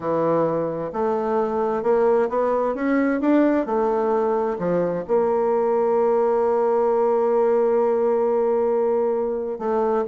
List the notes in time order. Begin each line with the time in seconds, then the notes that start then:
0.00 E3
0.92 A3
1.82 A#3
2.29 B3
2.75 C#4
3.20 D4
3.66 A3
4.58 F3
5.07 A#3
9.59 A3